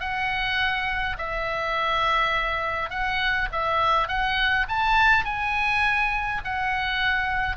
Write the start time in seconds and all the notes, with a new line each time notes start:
0.00 F#5
1.18 E5
2.90 F#5
3.52 E5
4.08 F#5
4.68 A5
5.25 G#5
6.44 F#5